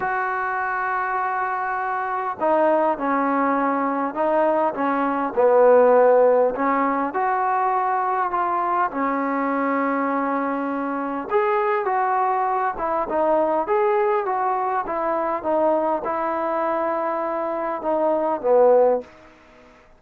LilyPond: \new Staff \with { instrumentName = "trombone" } { \time 4/4 \tempo 4 = 101 fis'1 | dis'4 cis'2 dis'4 | cis'4 b2 cis'4 | fis'2 f'4 cis'4~ |
cis'2. gis'4 | fis'4. e'8 dis'4 gis'4 | fis'4 e'4 dis'4 e'4~ | e'2 dis'4 b4 | }